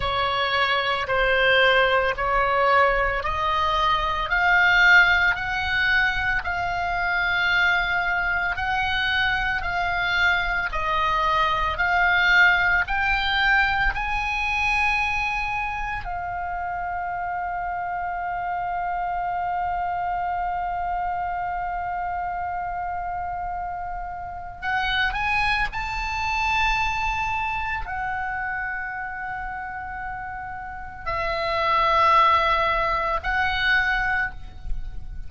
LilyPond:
\new Staff \with { instrumentName = "oboe" } { \time 4/4 \tempo 4 = 56 cis''4 c''4 cis''4 dis''4 | f''4 fis''4 f''2 | fis''4 f''4 dis''4 f''4 | g''4 gis''2 f''4~ |
f''1~ | f''2. fis''8 gis''8 | a''2 fis''2~ | fis''4 e''2 fis''4 | }